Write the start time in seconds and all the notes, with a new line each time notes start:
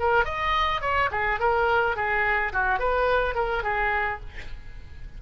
0.00 A#4
0.25 D#5
0.82 C#5
1.12 G#4
1.40 A#4
1.96 G#4
2.53 F#4
2.80 B4
3.35 A#4
3.64 G#4